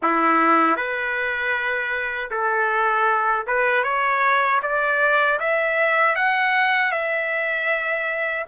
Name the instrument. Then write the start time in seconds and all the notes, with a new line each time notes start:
trumpet
0.02 E4
0.76 B4
2.30 A4
3.46 B4
3.83 C#5
4.62 D5
5.39 E5
6.15 F#5
6.91 E5